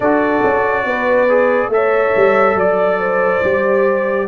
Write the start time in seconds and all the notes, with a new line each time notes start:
0.00 D4 F#4 A4 D5
0.44 C#4
0.84 B3 B4
1.28 G#4
1.68 A3 A4 E5
1.74 C#5
2.16 G3
2.54 F#3 D5
2.99 C5
3.43 G3 G4